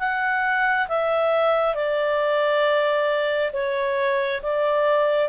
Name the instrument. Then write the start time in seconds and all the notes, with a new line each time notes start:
clarinet
0.00 F#5
0.89 E5
1.75 D5
3.53 C#5
4.43 D5